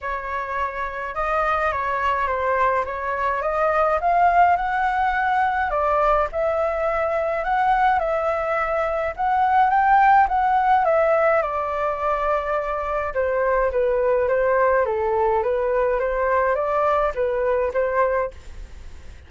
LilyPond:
\new Staff \with { instrumentName = "flute" } { \time 4/4 \tempo 4 = 105 cis''2 dis''4 cis''4 | c''4 cis''4 dis''4 f''4 | fis''2 d''4 e''4~ | e''4 fis''4 e''2 |
fis''4 g''4 fis''4 e''4 | d''2. c''4 | b'4 c''4 a'4 b'4 | c''4 d''4 b'4 c''4 | }